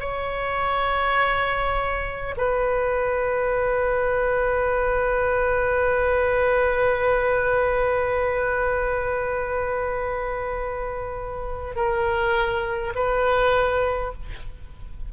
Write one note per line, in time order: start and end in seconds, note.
0.00 2.35 C#5
2.37 11.76 B4
11.76 12.94 A#4
12.95 14.13 B4